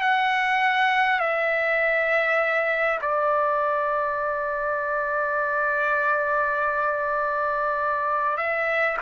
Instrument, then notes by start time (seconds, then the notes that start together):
trumpet
0.00 F#5
1.19 E5
3.01 D5
8.37 E5